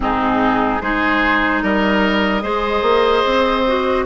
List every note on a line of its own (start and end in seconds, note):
0.00 0.80 G#2
0.00 0.80 C4
0.00 0.82 D#4
0.00 0.81 G#4
0.81 1.62 G#3
0.81 2.42 D#4
0.81 1.63 G#4
0.81 1.62 C5
1.62 2.43 G3
1.62 2.42 A#4
1.62 4.05 D#5
2.42 2.82 G#3
2.42 3.63 G#4
2.42 4.04 C5
2.82 3.22 A#3
3.25 4.05 C4
3.67 4.05 F#4